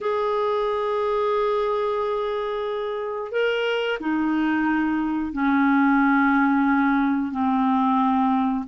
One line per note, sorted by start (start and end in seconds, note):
0.01 3.31 G#4
3.31 3.98 A#4
4.00 5.32 D#4
5.32 7.32 C#4
7.32 8.65 C4